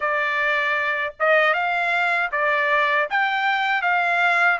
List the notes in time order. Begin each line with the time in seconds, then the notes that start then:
0.00 D5
1.19 D#5
1.53 F5
2.31 D5
3.10 G5
3.82 F5